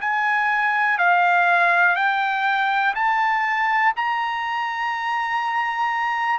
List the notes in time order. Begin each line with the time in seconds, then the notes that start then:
0.00 G#5
0.98 F5
1.95 G5
2.95 A5
3.96 A#5